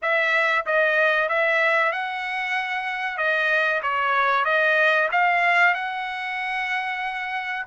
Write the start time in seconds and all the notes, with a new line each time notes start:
0.01 E5
0.66 D#5
1.29 E5
1.91 F#5
3.17 D#5
3.82 C#5
4.44 D#5
5.11 F5
5.74 F#5